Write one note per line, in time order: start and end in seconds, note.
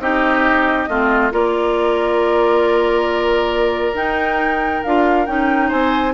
0.00 0.88 C4
0.00 0.88 D#4
0.00 0.89 G4
0.00 1.32 D#5
0.89 1.32 A3
0.89 1.32 C4
0.89 1.33 F4
1.32 3.94 A#3
1.32 3.94 F4
1.32 5.68 A#4
1.32 3.96 D5
3.94 4.81 D#4
3.94 4.83 D#4
3.94 4.83 G5
4.84 5.27 D4
4.84 5.27 F4
4.84 5.26 F5
5.26 5.71 C#4
5.26 6.14 D#4
5.26 5.70 G5
5.68 6.14 C4
5.68 6.12 C5
5.68 6.14 G#5